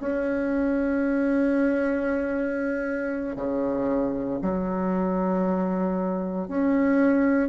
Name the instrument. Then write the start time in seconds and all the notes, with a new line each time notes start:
bassoon
0.00 C#4
3.36 C#3
4.42 F#3
6.48 C#4